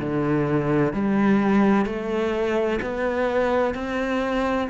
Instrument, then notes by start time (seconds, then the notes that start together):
cello
0.00 D3
0.94 G3
1.86 A3
2.82 B3
3.75 C4